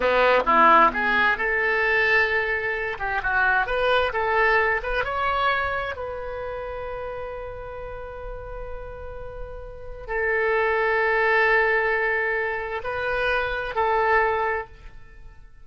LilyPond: \new Staff \with { instrumentName = "oboe" } { \time 4/4 \tempo 4 = 131 b4 e'4 gis'4 a'4~ | a'2~ a'8 g'8 fis'4 | b'4 a'4. b'8 cis''4~ | cis''4 b'2.~ |
b'1~ | b'2 a'2~ | a'1 | b'2 a'2 | }